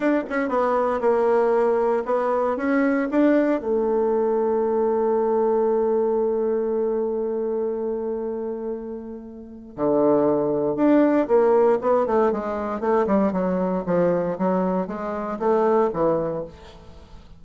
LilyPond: \new Staff \with { instrumentName = "bassoon" } { \time 4/4 \tempo 4 = 117 d'8 cis'8 b4 ais2 | b4 cis'4 d'4 a4~ | a1~ | a1~ |
a2. d4~ | d4 d'4 ais4 b8 a8 | gis4 a8 g8 fis4 f4 | fis4 gis4 a4 e4 | }